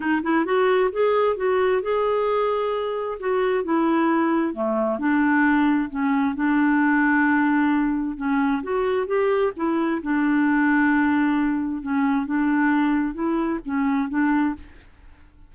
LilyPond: \new Staff \with { instrumentName = "clarinet" } { \time 4/4 \tempo 4 = 132 dis'8 e'8 fis'4 gis'4 fis'4 | gis'2. fis'4 | e'2 a4 d'4~ | d'4 cis'4 d'2~ |
d'2 cis'4 fis'4 | g'4 e'4 d'2~ | d'2 cis'4 d'4~ | d'4 e'4 cis'4 d'4 | }